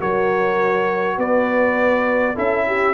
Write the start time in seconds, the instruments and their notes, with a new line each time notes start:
0.00 tuba F#3, trombone F#4, horn A#4, trumpet C#5
1.18 tuba B3, horn B4, trumpet D5
2.35 tuba C#4, trombone E4, horn A4, trumpet E5
2.67 horn G4